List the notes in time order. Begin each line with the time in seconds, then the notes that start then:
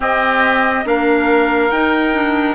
0.00 C4 G4 D#5
0.84 A#3 D4 A#4 F5
1.71 D#4 G5
2.13 D4